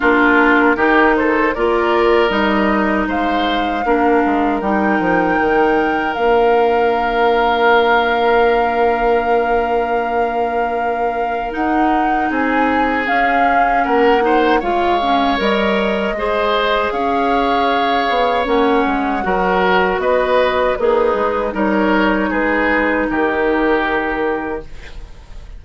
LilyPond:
<<
  \new Staff \with { instrumentName = "flute" } { \time 4/4 \tempo 4 = 78 ais'4. c''8 d''4 dis''4 | f''2 g''2 | f''1~ | f''2. fis''4 |
gis''4 f''4 fis''4 f''4 | dis''2 f''2 | fis''2 dis''4 b'4 | cis''4 b'4 ais'2 | }
  \new Staff \with { instrumentName = "oboe" } { \time 4/4 f'4 g'8 a'8 ais'2 | c''4 ais'2.~ | ais'1~ | ais'1 |
gis'2 ais'8 c''8 cis''4~ | cis''4 c''4 cis''2~ | cis''4 ais'4 b'4 dis'4 | ais'4 gis'4 g'2 | }
  \new Staff \with { instrumentName = "clarinet" } { \time 4/4 d'4 dis'4 f'4 dis'4~ | dis'4 d'4 dis'2 | d'1~ | d'2. dis'4~ |
dis'4 cis'4. dis'8 f'8 cis'8 | ais'4 gis'2. | cis'4 fis'2 gis'4 | dis'1 | }
  \new Staff \with { instrumentName = "bassoon" } { \time 4/4 ais4 dis4 ais4 g4 | gis4 ais8 gis8 g8 f8 dis4 | ais1~ | ais2. dis'4 |
c'4 cis'4 ais4 gis4 | g4 gis4 cis'4. b8 | ais8 gis8 fis4 b4 ais8 gis8 | g4 gis4 dis2 | }
>>